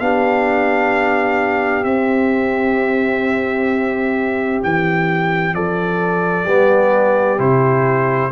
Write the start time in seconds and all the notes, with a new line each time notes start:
0.00 B3 D4 G4 F5
1.84 C4 E5
4.63 E3 G5
5.53 F3 A4 D5
6.46 G3 B3 G4
7.38 C3 E4 C5